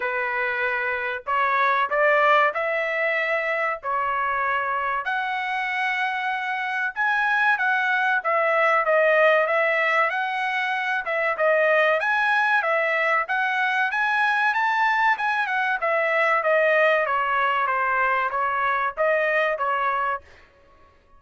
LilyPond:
\new Staff \with { instrumentName = "trumpet" } { \time 4/4 \tempo 4 = 95 b'2 cis''4 d''4 | e''2 cis''2 | fis''2. gis''4 | fis''4 e''4 dis''4 e''4 |
fis''4. e''8 dis''4 gis''4 | e''4 fis''4 gis''4 a''4 | gis''8 fis''8 e''4 dis''4 cis''4 | c''4 cis''4 dis''4 cis''4 | }